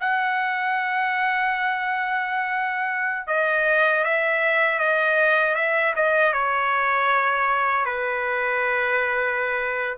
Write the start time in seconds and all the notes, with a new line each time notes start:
0.00 F#5
3.27 D#5
4.04 E5
4.79 D#5
5.55 E5
5.95 D#5
6.33 C#5
7.85 B4